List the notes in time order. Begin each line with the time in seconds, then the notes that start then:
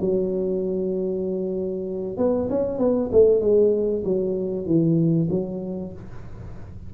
0.00 F#3
2.17 B3
2.49 C#4
2.78 B3
3.12 A3
3.40 G#3
4.04 F#3
4.65 E3
5.30 F#3